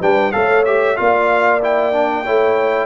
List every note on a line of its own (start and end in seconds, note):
0.00 0.33 G3
0.00 0.32 D4
0.00 0.32 B4
0.00 0.31 G5
0.31 0.98 A3
0.31 0.64 A4
0.31 0.99 C#5
0.31 0.63 F5
0.65 0.96 G4
0.65 0.96 E5
0.96 2.27 A#3
0.96 1.60 F4
0.96 2.23 D5
0.96 1.60 F5
1.61 1.92 E4
1.61 2.86 G5
1.92 2.24 D4
2.23 2.86 A3
2.23 2.86 E4
2.23 2.86 C#5